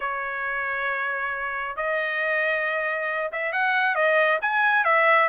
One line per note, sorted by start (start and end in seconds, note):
0.00 1.76 C#5
1.76 3.30 D#5
3.31 3.52 E5
3.52 3.95 F#5
3.95 4.39 D#5
4.41 4.84 G#5
4.84 5.28 E5